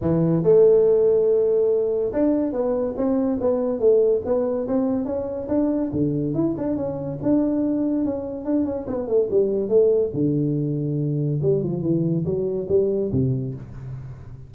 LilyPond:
\new Staff \with { instrumentName = "tuba" } { \time 4/4 \tempo 4 = 142 e4 a2.~ | a4 d'4 b4 c'4 | b4 a4 b4 c'4 | cis'4 d'4 d4 e'8 d'8 |
cis'4 d'2 cis'4 | d'8 cis'8 b8 a8 g4 a4 | d2. g8 f8 | e4 fis4 g4 c4 | }